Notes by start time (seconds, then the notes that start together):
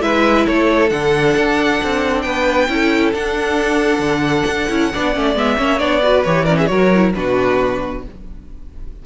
0.00 G#3 E4 B4 E5
0.46 A3 A4 C#5
0.89 D3 D4 F#5
1.36 D4
1.83 C4
2.22 B3 B4 G5
2.68 C#4 E4 A4
3.13 D4 F#5
3.99 D3
4.47 D4
4.69 C#4 E4
4.92 B3 D4 D5
5.14 A3 C#4
5.35 G#3 B3 E5
5.57 A#3 C#4 C#5
5.78 B3 D4 D5
6.02 F#4 B4
6.24 E3 G4 C#5
6.44 C#4 A#4 D5
6.58 G#4 E5
6.66 F#3 F#4 A#4 C#5
6.94 E4
7.14 B2 D4 F#4 B4